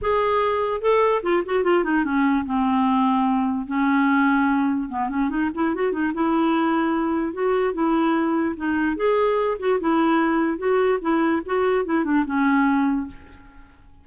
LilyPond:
\new Staff \with { instrumentName = "clarinet" } { \time 4/4 \tempo 4 = 147 gis'2 a'4 f'8 fis'8 | f'8 dis'8 cis'4 c'2~ | c'4 cis'2. | b8 cis'8 dis'8 e'8 fis'8 dis'8 e'4~ |
e'2 fis'4 e'4~ | e'4 dis'4 gis'4. fis'8 | e'2 fis'4 e'4 | fis'4 e'8 d'8 cis'2 | }